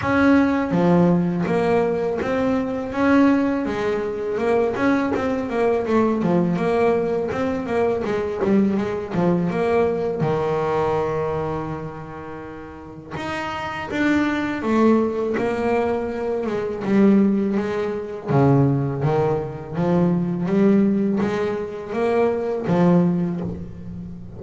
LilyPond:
\new Staff \with { instrumentName = "double bass" } { \time 4/4 \tempo 4 = 82 cis'4 f4 ais4 c'4 | cis'4 gis4 ais8 cis'8 c'8 ais8 | a8 f8 ais4 c'8 ais8 gis8 g8 | gis8 f8 ais4 dis2~ |
dis2 dis'4 d'4 | a4 ais4. gis8 g4 | gis4 cis4 dis4 f4 | g4 gis4 ais4 f4 | }